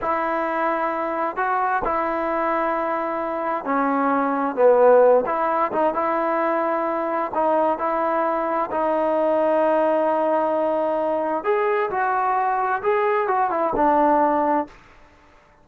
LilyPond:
\new Staff \with { instrumentName = "trombone" } { \time 4/4 \tempo 4 = 131 e'2. fis'4 | e'1 | cis'2 b4. e'8~ | e'8 dis'8 e'2. |
dis'4 e'2 dis'4~ | dis'1~ | dis'4 gis'4 fis'2 | gis'4 fis'8 e'8 d'2 | }